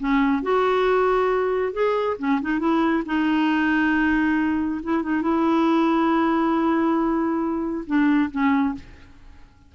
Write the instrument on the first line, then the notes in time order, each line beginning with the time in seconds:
clarinet
0.00 C#4
0.43 F#4
1.73 G#4
2.19 C#4
2.42 D#4
2.60 E4
3.06 D#4
4.83 E4
5.03 D#4
5.22 E4
7.87 D4
8.31 C#4